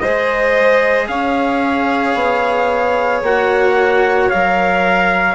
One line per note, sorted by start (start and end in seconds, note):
0.00 1.09 G#3
0.00 3.25 G#4
0.00 1.08 C5
0.00 1.07 D#5
1.08 2.15 C#4
1.08 5.36 C#5
1.08 3.23 F5
2.15 3.22 B3
3.23 4.30 A#3
3.23 4.32 F#4
3.23 4.30 F#5
4.30 5.36 F#3
4.30 5.36 A#4
4.30 5.36 F5